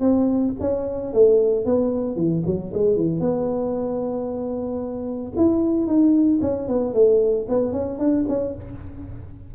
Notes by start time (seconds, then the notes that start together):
0.00 C4
0.60 C#4
1.13 A3
1.65 B3
2.16 E3
2.46 F#3
2.73 G#3
2.97 E3
3.20 B3
5.37 E4
5.87 D#4
6.42 C#4
6.68 B3
6.94 A3
7.49 B3
7.73 C#4
7.99 D4
8.29 C#4